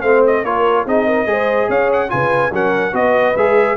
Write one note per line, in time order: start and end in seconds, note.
0.00 0.44 A3
0.00 0.45 C4
0.00 0.42 C5
0.00 0.22 F5
0.27 0.45 D#5
0.44 0.86 A#3
0.44 0.87 F4
0.44 0.86 A#4
0.44 0.86 C#5
0.86 1.26 C4
0.86 1.26 D#4
0.86 1.06 G#4
0.86 1.70 D#5
1.06 1.27 A#4
1.26 1.68 G#3
1.26 2.08 G#4
1.26 1.69 C5
1.69 2.11 C#4
1.69 2.11 C#5
1.69 1.91 F5
1.93 2.10 F#5
2.08 2.52 C#3
2.08 2.50 F4
2.08 2.53 B4
2.08 2.52 G#5
2.52 2.93 F#3
2.52 2.93 C#4
2.52 2.95 A#4
2.52 2.95 F#5
2.93 3.34 B3
2.93 3.34 F#4
2.93 3.76 B4
2.93 3.37 D#5
3.36 3.76 G#3
3.36 3.76 G#4
3.36 3.76 E5